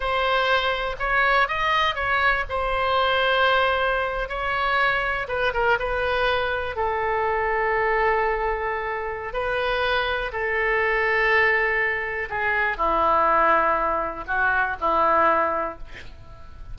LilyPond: \new Staff \with { instrumentName = "oboe" } { \time 4/4 \tempo 4 = 122 c''2 cis''4 dis''4 | cis''4 c''2.~ | c''8. cis''2 b'8 ais'8 b'16~ | b'4.~ b'16 a'2~ a'16~ |
a'2. b'4~ | b'4 a'2.~ | a'4 gis'4 e'2~ | e'4 fis'4 e'2 | }